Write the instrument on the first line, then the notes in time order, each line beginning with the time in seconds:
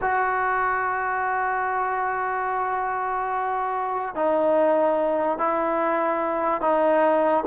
trombone
0.01 F#4
4.15 D#4
5.38 E4
6.61 D#4